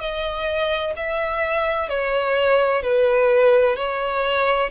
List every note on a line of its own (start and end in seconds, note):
0.00 0.94 D#5
0.96 1.89 E5
1.89 2.83 C#5
2.83 3.77 B4
3.77 4.70 C#5